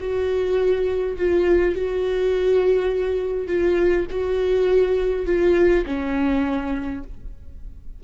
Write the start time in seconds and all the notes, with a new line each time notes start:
0.00 F#4
1.17 F4
1.75 F#4
3.47 F4
4.11 F#4
5.26 F4
5.86 C#4